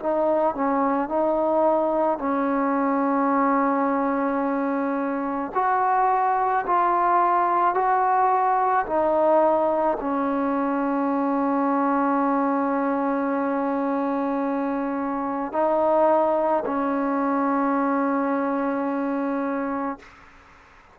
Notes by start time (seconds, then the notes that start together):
0.00 D#4
0.55 C#4
1.09 D#4
2.19 C#4
5.55 F#4
6.67 F4
7.75 F#4
8.87 D#4
10.01 C#4
15.53 D#4
16.66 C#4